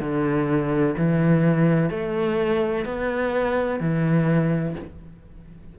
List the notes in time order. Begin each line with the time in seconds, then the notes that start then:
0.00 D3
0.97 E3
1.90 A3
2.86 B3
3.80 E3